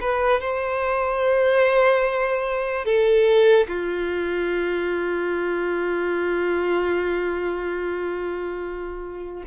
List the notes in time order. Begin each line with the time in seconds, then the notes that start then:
0.00 B4
0.40 C5
2.85 A4
3.68 F4